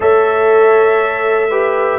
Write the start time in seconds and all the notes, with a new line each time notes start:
0.00 A3 A4 C#5 E5
1.49 G4 B4